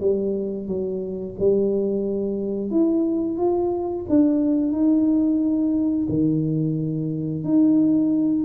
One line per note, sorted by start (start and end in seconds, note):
0.00 0.67 G3
0.67 1.35 F#3
1.39 2.70 G3
2.70 3.38 E4
3.38 4.05 F4
4.09 4.72 D4
4.72 6.06 D#4
6.09 7.43 D#3
7.44 8.44 D#4